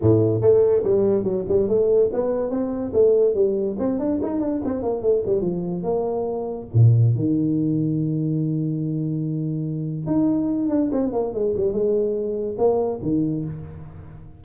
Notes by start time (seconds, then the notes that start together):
0.01 A2
0.41 A3
0.83 G3
1.23 F#3
1.48 G3
1.68 A3
2.13 B3
2.50 C4
2.93 A3
3.34 G3
3.79 C4
3.99 D4
4.22 D#4
4.40 D4
4.64 C4
4.82 A#3
5.02 A3
5.26 G3
5.41 F3
5.83 A#3
6.73 A#2
7.15 D#3
10.06 D#4
10.69 D4
10.92 C4
11.12 A#3
11.33 G#3
11.56 G3
11.72 G#3
12.58 A#3
13.02 D#3